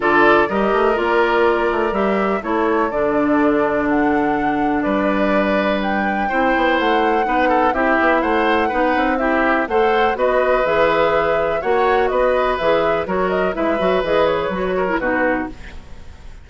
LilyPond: <<
  \new Staff \with { instrumentName = "flute" } { \time 4/4 \tempo 4 = 124 d''4 dis''4 d''2 | e''4 cis''4 d''2 | fis''2 d''2 | g''2 fis''2 |
e''4 fis''2 e''4 | fis''4 dis''4 e''2 | fis''4 dis''4 e''4 cis''8 dis''8 | e''4 dis''8 cis''4. b'4 | }
  \new Staff \with { instrumentName = "oboe" } { \time 4/4 a'4 ais'2.~ | ais'4 a'2.~ | a'2 b'2~ | b'4 c''2 b'8 a'8 |
g'4 c''4 b'4 g'4 | c''4 b'2. | cis''4 b'2 ais'4 | b'2~ b'8 ais'8 fis'4 | }
  \new Staff \with { instrumentName = "clarinet" } { \time 4/4 f'4 g'4 f'2 | g'4 e'4 d'2~ | d'1~ | d'4 e'2 dis'4 |
e'2 dis'4 e'4 | a'4 fis'4 gis'2 | fis'2 gis'4 fis'4 | e'8 fis'8 gis'4 fis'8. e'16 dis'4 | }
  \new Staff \with { instrumentName = "bassoon" } { \time 4/4 d4 g8 a8 ais4. a8 | g4 a4 d2~ | d2 g2~ | g4 c'8 b8 a4 b4 |
c'8 b8 a4 b8 c'4. | a4 b4 e2 | ais4 b4 e4 fis4 | gis8 fis8 e4 fis4 b,4 | }
>>